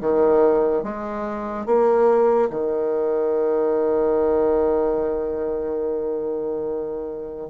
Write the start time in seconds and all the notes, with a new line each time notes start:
0.00 D#3
0.83 G#3
1.66 A#3
2.50 D#3